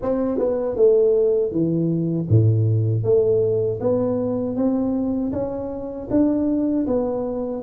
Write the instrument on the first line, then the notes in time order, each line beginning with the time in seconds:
tuba
0.02 C4
0.38 B3
0.76 A3
1.51 E3
2.29 A2
3.03 A3
3.80 B3
4.56 C4
5.32 C#4
6.10 D4
6.86 B3